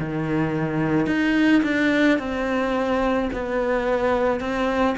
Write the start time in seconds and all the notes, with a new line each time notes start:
0.00 D#3
1.07 D#4
1.64 D4
2.19 C4
3.33 B3
4.40 C4